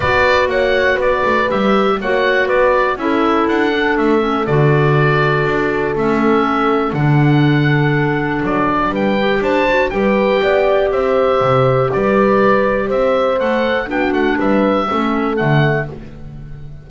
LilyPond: <<
  \new Staff \with { instrumentName = "oboe" } { \time 4/4 \tempo 4 = 121 d''4 fis''4 d''4 e''4 | fis''4 d''4 e''4 fis''4 | e''4 d''2. | e''2 fis''2~ |
fis''4 d''4 g''4 a''4 | g''2 e''2 | d''2 e''4 fis''4 | g''8 fis''8 e''2 fis''4 | }
  \new Staff \with { instrumentName = "horn" } { \time 4/4 b'4 cis''4 b'2 | cis''4 b'4 a'2~ | a'1~ | a'1~ |
a'2 b'4 c''4 | b'4 d''4 c''2 | b'2 c''2 | fis'4 b'4 a'2 | }
  \new Staff \with { instrumentName = "clarinet" } { \time 4/4 fis'2. g'4 | fis'2 e'4. d'8~ | d'8 cis'8 fis'2. | cis'2 d'2~ |
d'2~ d'8 g'4 fis'8 | g'1~ | g'2. a'4 | d'2 cis'4 a4 | }
  \new Staff \with { instrumentName = "double bass" } { \time 4/4 b4 ais4 b8 a8 g4 | ais4 b4 cis'4 d'4 | a4 d2 d'4 | a2 d2~ |
d4 fis4 g4 d'4 | g4 b4 c'4 c4 | g2 c'4 a4 | b8 a8 g4 a4 d4 | }
>>